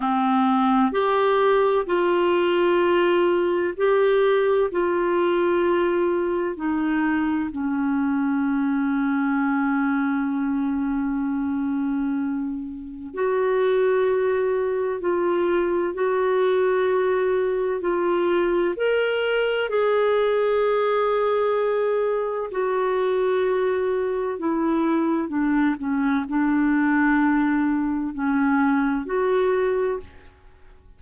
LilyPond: \new Staff \with { instrumentName = "clarinet" } { \time 4/4 \tempo 4 = 64 c'4 g'4 f'2 | g'4 f'2 dis'4 | cis'1~ | cis'2 fis'2 |
f'4 fis'2 f'4 | ais'4 gis'2. | fis'2 e'4 d'8 cis'8 | d'2 cis'4 fis'4 | }